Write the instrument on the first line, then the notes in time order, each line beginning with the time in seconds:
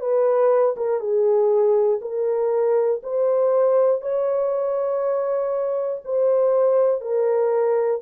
horn
0.00 B4
0.76 A#4
1.00 G#4
2.01 A#4
3.03 C5
4.01 C#5
6.05 C5
7.01 A#4